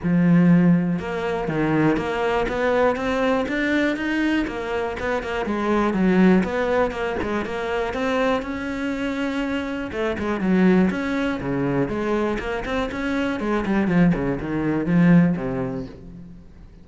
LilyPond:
\new Staff \with { instrumentName = "cello" } { \time 4/4 \tempo 4 = 121 f2 ais4 dis4 | ais4 b4 c'4 d'4 | dis'4 ais4 b8 ais8 gis4 | fis4 b4 ais8 gis8 ais4 |
c'4 cis'2. | a8 gis8 fis4 cis'4 cis4 | gis4 ais8 c'8 cis'4 gis8 g8 | f8 cis8 dis4 f4 c4 | }